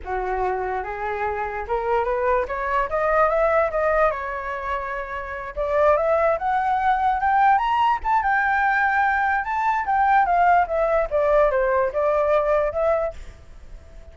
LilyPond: \new Staff \with { instrumentName = "flute" } { \time 4/4 \tempo 4 = 146 fis'2 gis'2 | ais'4 b'4 cis''4 dis''4 | e''4 dis''4 cis''2~ | cis''4. d''4 e''4 fis''8~ |
fis''4. g''4 ais''4 a''8 | g''2. a''4 | g''4 f''4 e''4 d''4 | c''4 d''2 e''4 | }